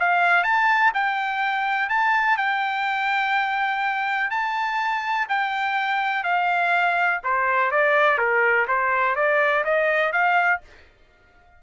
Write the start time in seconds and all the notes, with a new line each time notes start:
0.00 F5
0.44 A5
0.94 G5
1.90 A5
2.37 G5
4.31 A5
5.29 G5
6.24 F5
7.24 C5
7.71 D5
8.18 A#4
8.68 C5
9.16 D5
9.64 D#5
10.13 F5